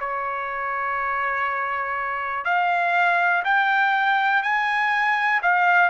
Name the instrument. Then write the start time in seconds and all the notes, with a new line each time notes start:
trumpet
0.00 C#5
2.45 F5
3.44 G5
4.43 G#5
5.42 F5